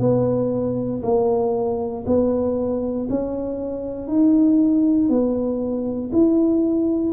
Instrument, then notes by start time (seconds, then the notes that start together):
tuba
0.00 B3
1.03 A#3
2.07 B3
3.10 C#4
4.08 D#4
5.09 B3
6.12 E4